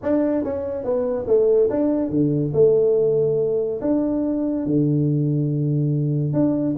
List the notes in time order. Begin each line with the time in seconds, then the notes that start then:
0.02 D4
0.44 C#4
0.84 B3
1.27 A3
1.70 D4
2.10 D3
2.53 A3
3.81 D4
4.66 D3
6.33 D4